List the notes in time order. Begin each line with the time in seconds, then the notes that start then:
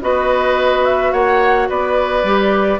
0.00 B3 F#4 B4 D#5
0.85 E5
1.12 A#3 C#5 F#5
1.69 B3 B4 D5
2.23 G3 G4